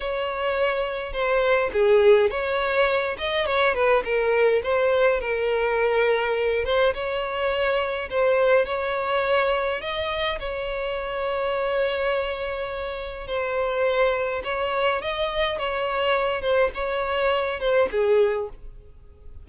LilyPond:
\new Staff \with { instrumentName = "violin" } { \time 4/4 \tempo 4 = 104 cis''2 c''4 gis'4 | cis''4. dis''8 cis''8 b'8 ais'4 | c''4 ais'2~ ais'8 c''8 | cis''2 c''4 cis''4~ |
cis''4 dis''4 cis''2~ | cis''2. c''4~ | c''4 cis''4 dis''4 cis''4~ | cis''8 c''8 cis''4. c''8 gis'4 | }